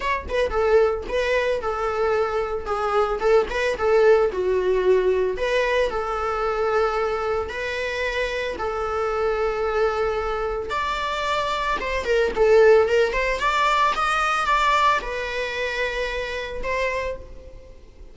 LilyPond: \new Staff \with { instrumentName = "viola" } { \time 4/4 \tempo 4 = 112 cis''8 b'8 a'4 b'4 a'4~ | a'4 gis'4 a'8 b'8 a'4 | fis'2 b'4 a'4~ | a'2 b'2 |
a'1 | d''2 c''8 ais'8 a'4 | ais'8 c''8 d''4 dis''4 d''4 | b'2. c''4 | }